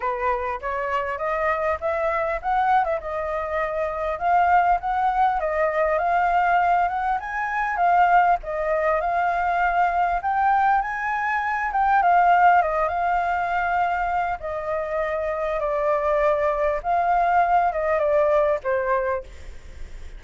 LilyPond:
\new Staff \with { instrumentName = "flute" } { \time 4/4 \tempo 4 = 100 b'4 cis''4 dis''4 e''4 | fis''8. e''16 dis''2 f''4 | fis''4 dis''4 f''4. fis''8 | gis''4 f''4 dis''4 f''4~ |
f''4 g''4 gis''4. g''8 | f''4 dis''8 f''2~ f''8 | dis''2 d''2 | f''4. dis''8 d''4 c''4 | }